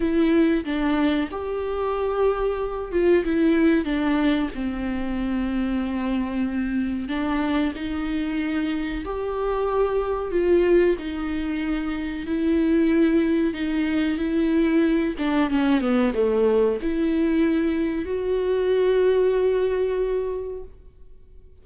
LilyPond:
\new Staff \with { instrumentName = "viola" } { \time 4/4 \tempo 4 = 93 e'4 d'4 g'2~ | g'8 f'8 e'4 d'4 c'4~ | c'2. d'4 | dis'2 g'2 |
f'4 dis'2 e'4~ | e'4 dis'4 e'4. d'8 | cis'8 b8 a4 e'2 | fis'1 | }